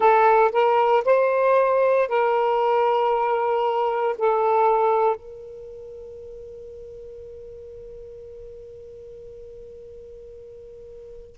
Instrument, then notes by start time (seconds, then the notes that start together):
saxophone
0.00 A4
0.52 A#4
1.04 C5
2.08 A#4
4.18 A4
5.15 A#4